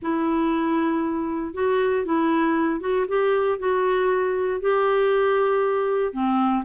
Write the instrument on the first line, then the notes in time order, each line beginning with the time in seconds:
clarinet
0.02 E4
1.54 F#4
2.05 E4
2.80 F#4
3.08 G4
3.59 F#4
4.60 G4
6.12 C4